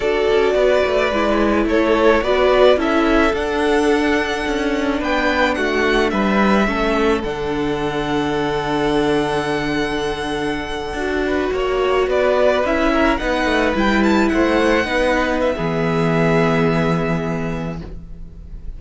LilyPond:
<<
  \new Staff \with { instrumentName = "violin" } { \time 4/4 \tempo 4 = 108 d''2. cis''4 | d''4 e''4 fis''2~ | fis''4 g''4 fis''4 e''4~ | e''4 fis''2.~ |
fis''1~ | fis''4.~ fis''16 d''4 e''4 fis''16~ | fis''8. g''8 a''8 fis''2 e''16~ | e''1 | }
  \new Staff \with { instrumentName = "violin" } { \time 4/4 a'4 b'2 a'4 | b'4 a'2.~ | a'4 b'4 fis'4 b'4 | a'1~ |
a'1~ | a'16 b'8 cis''4 b'4. ais'8 b'16~ | b'4.~ b'16 c''4 b'4~ b'16 | gis'1 | }
  \new Staff \with { instrumentName = "viola" } { \time 4/4 fis'2 e'2 | fis'4 e'4 d'2~ | d'1 | cis'4 d'2.~ |
d'2.~ d'8. fis'16~ | fis'2~ fis'8. e'4 dis'16~ | dis'8. e'2 dis'4~ dis'16 | b1 | }
  \new Staff \with { instrumentName = "cello" } { \time 4/4 d'8 cis'8 b8 a8 gis4 a4 | b4 cis'4 d'2 | cis'4 b4 a4 g4 | a4 d2.~ |
d2.~ d8. d'16~ | d'8. ais4 b4 cis'4 b16~ | b16 a8 g4 a4 b4~ b16 | e1 | }
>>